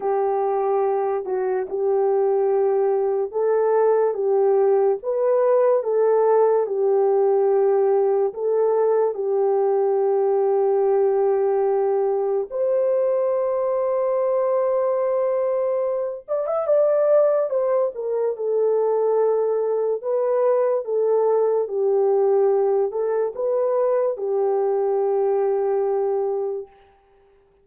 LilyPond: \new Staff \with { instrumentName = "horn" } { \time 4/4 \tempo 4 = 72 g'4. fis'8 g'2 | a'4 g'4 b'4 a'4 | g'2 a'4 g'4~ | g'2. c''4~ |
c''2.~ c''8 d''16 e''16 | d''4 c''8 ais'8 a'2 | b'4 a'4 g'4. a'8 | b'4 g'2. | }